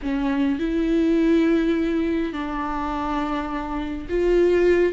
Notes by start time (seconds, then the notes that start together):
0.02 C#4
0.59 E4
2.32 D4
4.09 F4